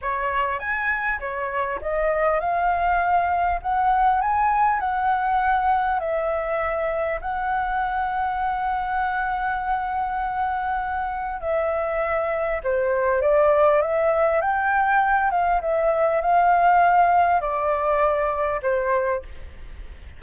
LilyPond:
\new Staff \with { instrumentName = "flute" } { \time 4/4 \tempo 4 = 100 cis''4 gis''4 cis''4 dis''4 | f''2 fis''4 gis''4 | fis''2 e''2 | fis''1~ |
fis''2. e''4~ | e''4 c''4 d''4 e''4 | g''4. f''8 e''4 f''4~ | f''4 d''2 c''4 | }